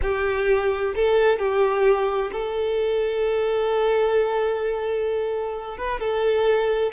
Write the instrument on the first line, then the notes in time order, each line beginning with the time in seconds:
violin
0.02 G4
0.95 A4
1.38 G4
2.32 A4
5.77 B4
6.00 A4